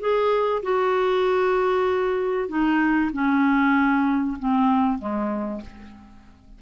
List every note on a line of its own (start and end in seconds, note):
0.00 0.62 G#4
0.63 2.49 F#4
2.49 3.11 D#4
3.13 4.38 C#4
4.39 4.99 C4
4.99 5.61 G#3